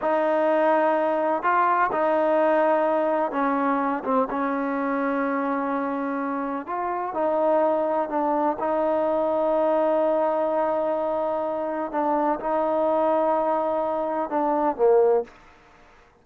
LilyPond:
\new Staff \with { instrumentName = "trombone" } { \time 4/4 \tempo 4 = 126 dis'2. f'4 | dis'2. cis'4~ | cis'8 c'8 cis'2.~ | cis'2 f'4 dis'4~ |
dis'4 d'4 dis'2~ | dis'1~ | dis'4 d'4 dis'2~ | dis'2 d'4 ais4 | }